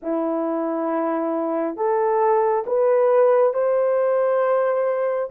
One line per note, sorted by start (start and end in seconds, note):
0.02 1.76 E4
1.76 2.64 A4
2.66 3.53 B4
3.53 5.29 C5